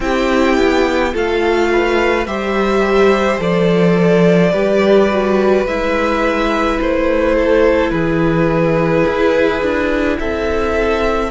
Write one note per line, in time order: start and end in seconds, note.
0.00 0.57 C4
0.00 1.13 E4
0.00 1.13 G4
0.00 1.14 G5
0.57 1.13 B3
1.13 2.26 A3
1.13 2.26 F4
1.13 1.69 A4
1.13 2.26 F5
1.72 2.27 B4
2.26 3.39 G3
2.26 3.37 G4
2.26 4.52 C5
2.26 3.39 E5
3.37 4.53 F3
3.37 4.50 A4
3.37 5.66 D5
4.52 5.65 G3
4.52 5.09 G4
4.52 7.35 B4
5.10 5.67 F#4
5.65 6.78 G#3
5.65 11.30 E4
5.65 6.79 E5
6.81 7.90 A3
6.81 7.90 C5
7.35 7.91 A4
7.90 9.04 E3
7.90 10.18 G#4
7.90 10.17 B4
9.07 9.62 E4
9.62 10.18 D4
10.19 11.30 C4
10.19 11.30 A4
10.19 11.30 E5